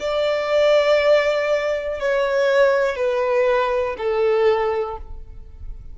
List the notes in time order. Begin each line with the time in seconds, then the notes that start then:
0.00 D5
2.00 C#5
2.95 B4
3.97 A4